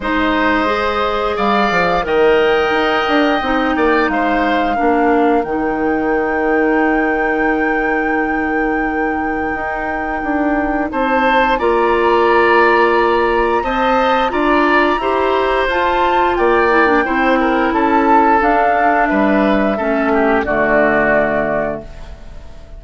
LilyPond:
<<
  \new Staff \with { instrumentName = "flute" } { \time 4/4 \tempo 4 = 88 dis''2 f''4 g''4~ | g''2 f''2 | g''1~ | g''1 |
a''4 ais''2. | a''4 ais''2 a''4 | g''2 a''4 f''4 | e''2 d''2 | }
  \new Staff \with { instrumentName = "oboe" } { \time 4/4 c''2 d''4 dis''4~ | dis''4. d''8 c''4 ais'4~ | ais'1~ | ais'1 |
c''4 d''2. | dis''4 d''4 c''2 | d''4 c''8 ais'8 a'2 | b'4 a'8 g'8 fis'2 | }
  \new Staff \with { instrumentName = "clarinet" } { \time 4/4 dis'4 gis'2 ais'4~ | ais'4 dis'2 d'4 | dis'1~ | dis'1~ |
dis'4 f'2. | c''4 f'4 g'4 f'4~ | f'8 e'16 d'16 e'2 d'4~ | d'4 cis'4 a2 | }
  \new Staff \with { instrumentName = "bassoon" } { \time 4/4 gis2 g8 f8 dis4 | dis'8 d'8 c'8 ais8 gis4 ais4 | dis1~ | dis2 dis'4 d'4 |
c'4 ais2. | c'4 d'4 e'4 f'4 | ais4 c'4 cis'4 d'4 | g4 a4 d2 | }
>>